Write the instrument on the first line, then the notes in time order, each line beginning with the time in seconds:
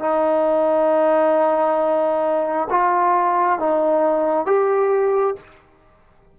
trombone
0.00 D#4
2.70 F4
3.60 D#4
4.47 G4